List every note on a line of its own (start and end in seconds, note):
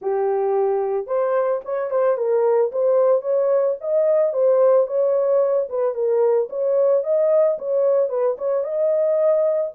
0.01 1.07 G4
1.07 1.61 C5
1.65 1.90 C#5
1.90 2.17 C5
2.17 2.71 A#4
2.72 3.21 C5
3.21 3.75 C#5
3.80 4.33 D#5
4.33 4.86 C5
4.86 5.67 C#5
5.69 5.94 B4
5.94 6.48 A#4
6.49 7.03 C#5
7.03 7.57 D#5
7.58 8.09 C#5
8.09 8.36 B4
8.38 8.63 C#5
8.63 9.71 D#5